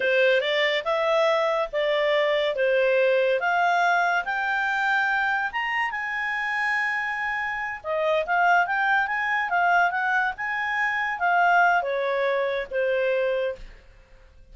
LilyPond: \new Staff \with { instrumentName = "clarinet" } { \time 4/4 \tempo 4 = 142 c''4 d''4 e''2 | d''2 c''2 | f''2 g''2~ | g''4 ais''4 gis''2~ |
gis''2~ gis''8 dis''4 f''8~ | f''8 g''4 gis''4 f''4 fis''8~ | fis''8 gis''2 f''4. | cis''2 c''2 | }